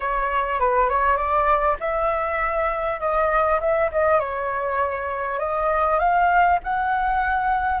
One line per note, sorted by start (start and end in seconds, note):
0.00 0.59 C#5
0.59 0.89 B4
0.89 1.16 C#5
1.16 1.76 D5
1.79 2.99 E5
2.99 3.59 D#5
3.60 3.90 E5
3.91 4.19 D#5
4.19 5.39 C#5
5.39 5.99 D#5
5.99 6.59 F5
6.63 7.80 F#5